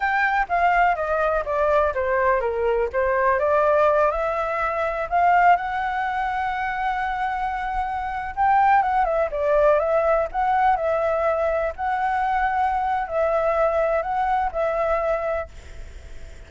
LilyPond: \new Staff \with { instrumentName = "flute" } { \time 4/4 \tempo 4 = 124 g''4 f''4 dis''4 d''4 | c''4 ais'4 c''4 d''4~ | d''8 e''2 f''4 fis''8~ | fis''1~ |
fis''4~ fis''16 g''4 fis''8 e''8 d''8.~ | d''16 e''4 fis''4 e''4.~ e''16~ | e''16 fis''2~ fis''8. e''4~ | e''4 fis''4 e''2 | }